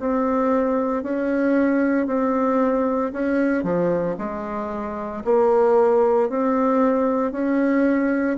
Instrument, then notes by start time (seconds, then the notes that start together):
bassoon
0.00 C4
1.03 C#4
2.07 C4
3.13 C#4
3.64 F3
4.19 G#3
5.25 A#3
6.30 C4
7.32 C#4